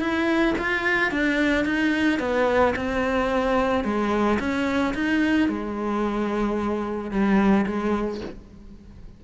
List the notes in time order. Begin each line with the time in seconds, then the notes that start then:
0.00 E4
0.58 F4
1.12 D4
1.65 D#4
2.19 B3
2.76 C4
3.84 G#3
4.39 C#4
4.94 D#4
5.49 G#3
7.11 G3
7.66 G#3